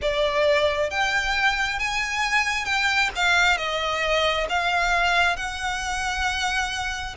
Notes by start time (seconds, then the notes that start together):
0.01 D5
0.90 G5
1.79 G#5
2.65 G5
3.15 F5
3.57 D#5
4.49 F5
5.36 F#5